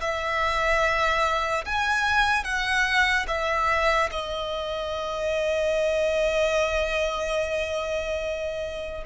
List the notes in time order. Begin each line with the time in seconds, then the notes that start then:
0.00 E5
1.65 G#5
2.44 F#5
3.27 E5
4.11 D#5